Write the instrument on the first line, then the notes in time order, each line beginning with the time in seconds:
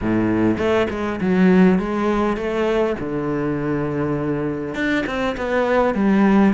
cello
0.01 A2
0.57 A3
0.90 G#3
1.20 F#3
1.78 G#3
2.36 A3
2.99 D3
4.74 D4
5.06 C4
5.37 B3
5.94 G3